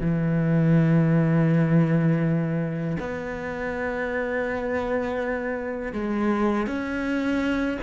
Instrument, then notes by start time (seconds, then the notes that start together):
cello
0.00 E3
2.99 B3
5.93 G#3
6.66 C#4